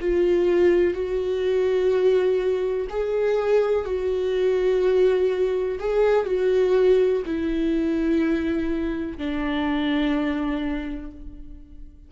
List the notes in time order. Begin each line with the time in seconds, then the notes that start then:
0.00 F4
0.94 F#4
2.89 G#4
3.85 F#4
5.79 G#4
6.26 F#4
7.25 E4
9.18 D4